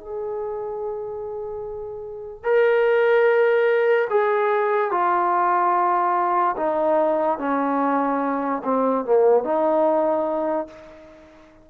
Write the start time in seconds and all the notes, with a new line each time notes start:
0.00 G#4
2.44 A#4
4.10 G#4
4.91 F4
6.57 D#4
7.39 C#4
8.64 C4
9.05 A#3
9.44 D#4